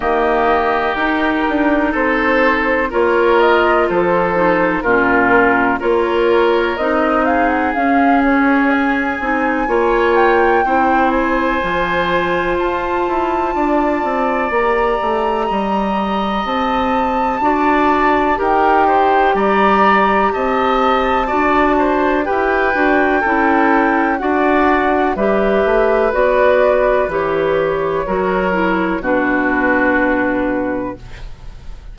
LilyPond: <<
  \new Staff \with { instrumentName = "flute" } { \time 4/4 \tempo 4 = 62 dis''4 ais'4 c''4 cis''8 dis''8 | c''4 ais'4 cis''4 dis''8 f''16 fis''16 | f''8 cis''8 gis''4. g''4 gis''8~ | gis''4 a''2 ais''4~ |
ais''4 a''2 g''4 | ais''4 a''2 g''4~ | g''4 fis''4 e''4 d''4 | cis''2 b'2 | }
  \new Staff \with { instrumentName = "oboe" } { \time 4/4 g'2 a'4 ais'4 | a'4 f'4 ais'4. gis'8~ | gis'2 cis''4 c''4~ | c''2 d''2 |
dis''2 d''4 ais'8 c''8 | d''4 dis''4 d''8 c''8 b'4 | a'4 d''4 b'2~ | b'4 ais'4 fis'2 | }
  \new Staff \with { instrumentName = "clarinet" } { \time 4/4 ais4 dis'2 f'4~ | f'8 dis'8 cis'4 f'4 dis'4 | cis'4. dis'8 f'4 e'4 | f'2. g'4~ |
g'2 fis'4 g'4~ | g'2 fis'4 g'8 fis'8 | e'4 fis'4 g'4 fis'4 | g'4 fis'8 e'8 d'2 | }
  \new Staff \with { instrumentName = "bassoon" } { \time 4/4 dis4 dis'8 d'8 c'4 ais4 | f4 ais,4 ais4 c'4 | cis'4. c'8 ais4 c'4 | f4 f'8 e'8 d'8 c'8 ais8 a8 |
g4 c'4 d'4 dis'4 | g4 c'4 d'4 e'8 d'8 | cis'4 d'4 g8 a8 b4 | e4 fis4 b,2 | }
>>